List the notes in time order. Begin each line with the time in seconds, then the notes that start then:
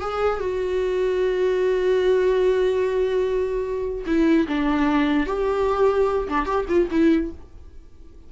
0.00 G#4
0.40 F#4
4.06 E4
4.47 D4
5.26 G4
6.28 D4
6.45 G4
6.68 F4
6.91 E4